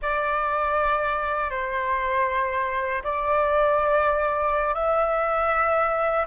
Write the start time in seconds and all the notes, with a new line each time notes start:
0.02 D5
1.50 C5
3.03 D5
4.74 E5